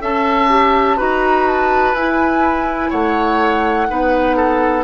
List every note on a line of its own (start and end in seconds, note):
0.00 0.98 C#4
0.00 0.48 A4
0.00 0.97 E5
0.00 0.99 A5
0.49 0.97 G4
0.97 1.94 D#4
0.97 1.94 F#4
0.97 2.90 B4
0.97 1.47 A#5
1.47 1.94 A5
1.94 2.91 E4
1.94 3.88 E4
1.94 2.91 G#5
2.90 3.89 A3
2.90 3.86 C#5
2.90 4.83 F#5
3.88 4.83 B3
3.88 4.83 D#4
3.88 4.36 B4
4.36 4.83 A4